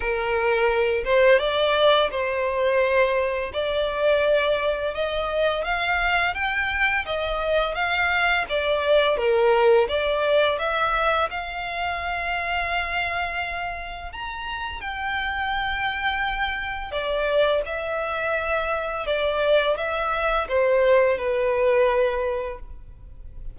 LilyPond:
\new Staff \with { instrumentName = "violin" } { \time 4/4 \tempo 4 = 85 ais'4. c''8 d''4 c''4~ | c''4 d''2 dis''4 | f''4 g''4 dis''4 f''4 | d''4 ais'4 d''4 e''4 |
f''1 | ais''4 g''2. | d''4 e''2 d''4 | e''4 c''4 b'2 | }